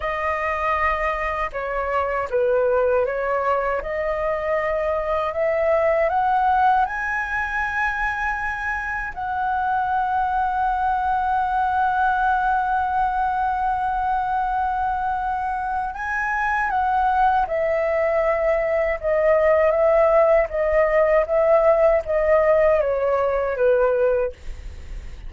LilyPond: \new Staff \with { instrumentName = "flute" } { \time 4/4 \tempo 4 = 79 dis''2 cis''4 b'4 | cis''4 dis''2 e''4 | fis''4 gis''2. | fis''1~ |
fis''1~ | fis''4 gis''4 fis''4 e''4~ | e''4 dis''4 e''4 dis''4 | e''4 dis''4 cis''4 b'4 | }